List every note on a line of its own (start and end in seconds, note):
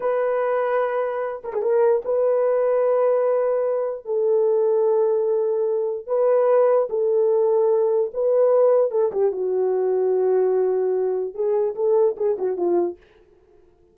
0.00 1.42 B4
1.44 1.53 A#4
1.53 1.62 G#4
1.62 2.02 A#4
2.04 4.05 B4
4.05 6.06 A4
6.06 6.87 B4
6.89 8.11 A4
8.13 8.91 B4
8.91 9.11 A4
9.12 9.32 G4
9.32 11.34 F#4
11.34 11.74 G#4
11.75 12.15 A4
12.16 12.37 G#4
12.38 12.56 F#4
12.56 12.97 F4